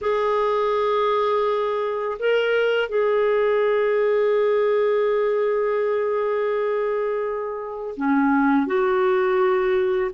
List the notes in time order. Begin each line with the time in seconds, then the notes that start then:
0.01 G#4
2.19 A#4
2.88 G#4
7.96 C#4
8.66 F#4